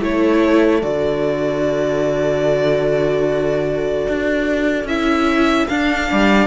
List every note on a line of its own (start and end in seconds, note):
0.00 0.82 A3
0.00 0.82 E4
0.00 6.08 A4
0.00 0.82 C#5
0.82 4.07 D3
0.82 4.87 F#4
0.82 4.87 D5
4.08 4.84 D4
4.84 5.65 C#4
4.84 5.69 E4
4.84 5.67 E5
5.67 6.47 D4
5.67 6.10 D4
5.67 6.47 F5
6.10 6.47 G3
6.10 6.47 D5